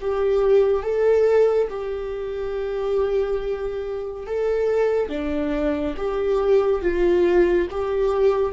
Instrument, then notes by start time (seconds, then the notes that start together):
viola
0.00 G4
0.82 A4
1.69 G4
4.26 A4
5.09 D4
5.97 G4
6.81 F4
7.70 G4